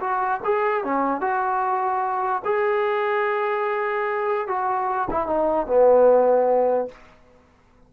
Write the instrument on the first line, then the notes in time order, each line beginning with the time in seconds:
trombone
0.00 F#4
0.44 G#4
0.84 C#4
1.21 F#4
2.45 G#4
4.48 F#4
5.10 E4
5.27 D#4
5.67 B3